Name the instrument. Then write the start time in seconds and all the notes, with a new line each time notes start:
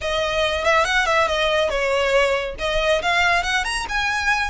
violin
0.01 D#5
0.64 E5
0.85 F#5
1.06 E5
1.27 D#5
1.69 C#5
2.58 D#5
3.01 F5
3.43 F#5
3.64 A#5
3.88 G#5